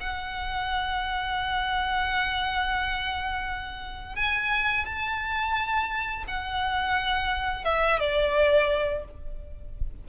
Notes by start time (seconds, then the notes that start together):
0.00 F#5
4.15 G#5
4.85 A5
6.27 F#5
7.64 E5
7.99 D5